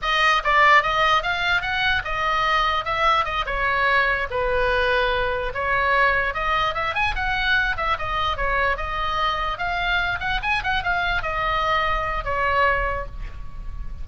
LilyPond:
\new Staff \with { instrumentName = "oboe" } { \time 4/4 \tempo 4 = 147 dis''4 d''4 dis''4 f''4 | fis''4 dis''2 e''4 | dis''8 cis''2 b'4.~ | b'4. cis''2 dis''8~ |
dis''8 e''8 gis''8 fis''4. e''8 dis''8~ | dis''8 cis''4 dis''2 f''8~ | f''4 fis''8 gis''8 fis''8 f''4 dis''8~ | dis''2 cis''2 | }